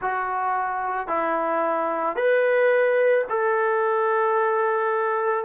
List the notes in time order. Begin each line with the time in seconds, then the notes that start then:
0.01 F#4
1.07 E4
2.15 B4
3.29 A4